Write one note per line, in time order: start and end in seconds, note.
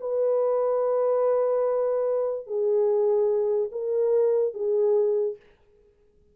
0.00 2.47 B4
2.47 3.70 G#4
3.72 4.54 A#4
4.54 5.36 G#4